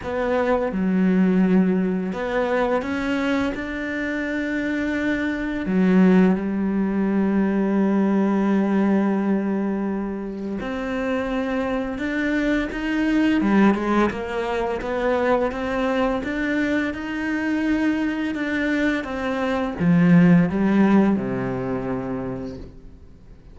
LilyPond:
\new Staff \with { instrumentName = "cello" } { \time 4/4 \tempo 4 = 85 b4 fis2 b4 | cis'4 d'2. | fis4 g2.~ | g2. c'4~ |
c'4 d'4 dis'4 g8 gis8 | ais4 b4 c'4 d'4 | dis'2 d'4 c'4 | f4 g4 c2 | }